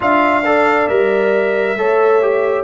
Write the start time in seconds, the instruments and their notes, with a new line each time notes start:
0.00 tuba D4, trombone F4, horn E5, trumpet F5
0.45 trombone A4, horn D5
0.87 tuba G3, trombone A#4, trumpet E5
1.75 tuba A3, trombone A4, horn C#5
2.21 trombone G4